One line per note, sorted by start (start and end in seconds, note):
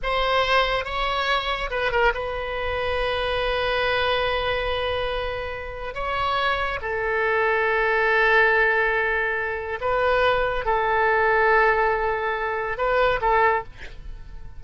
0.02 0.85 C5
0.85 1.70 C#5
1.70 1.91 B4
1.91 2.13 A#4
2.14 5.94 B4
5.94 6.79 C#5
6.81 9.79 A4
9.80 10.65 B4
10.65 12.77 A4
12.77 13.20 B4
13.21 13.63 A4